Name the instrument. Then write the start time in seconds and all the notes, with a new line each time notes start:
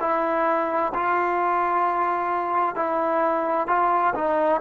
trombone
0.00 E4
0.94 F4
2.76 E4
3.68 F4
4.15 D#4